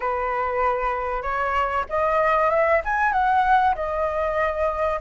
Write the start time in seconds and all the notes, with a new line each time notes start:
0.00 B4
1.22 C#5
1.89 D#5
2.50 E5
2.84 G#5
3.12 F#5
3.75 D#5